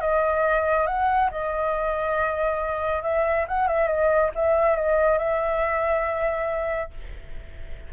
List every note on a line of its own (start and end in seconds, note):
0.00 0.86 D#5
0.86 1.29 F#5
1.30 3.02 D#5
3.02 3.45 E5
3.47 3.67 F#5
3.67 3.87 E5
3.87 4.30 D#5
4.35 4.75 E5
4.75 5.18 D#5
5.18 6.90 E5